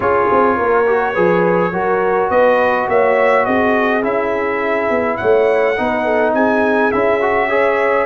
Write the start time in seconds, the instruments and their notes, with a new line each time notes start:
0.00 tuba C#4, trombone F4, horn G#4, trumpet C#5
0.31 tuba C4
0.56 tuba A#3, horn A#4
0.86 trombone F#4
1.12 tuba F3, trombone G#4, horn B4
1.71 tuba F#3, trombone F#4, horn A#4
2.30 tuba B3, horn B4, trumpet D#5
2.88 tuba A#3, horn C#5, trumpet E5
3.45 tuba C4, horn G#4, trumpet D#5
4.03 tuba C#4, trombone E4, trumpet E5
4.90 tuba B3
5.16 tuba A3, horn C#5, trumpet F#5
5.77 tuba B3, trombone D#4, horn B4
6.04 horn A4
6.34 tuba C4, horn G#4, trumpet G#5
6.91 tuba C#4, trombone E4, trumpet E5
7.21 trombone F#4
7.48 trombone G#4, horn C#5